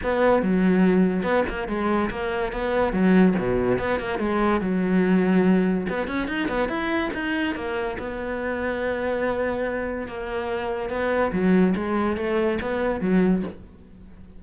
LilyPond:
\new Staff \with { instrumentName = "cello" } { \time 4/4 \tempo 4 = 143 b4 fis2 b8 ais8 | gis4 ais4 b4 fis4 | b,4 b8 ais8 gis4 fis4~ | fis2 b8 cis'8 dis'8 b8 |
e'4 dis'4 ais4 b4~ | b1 | ais2 b4 fis4 | gis4 a4 b4 fis4 | }